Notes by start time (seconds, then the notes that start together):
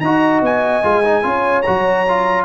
0.00 D#4 F#4 D#5 A#5
0.41 B3 G#5
0.83 G#3 F4
1.04 D#4
1.23 C#4 F4 C#5
1.62 F#3 F#4 A#5
2.09 F4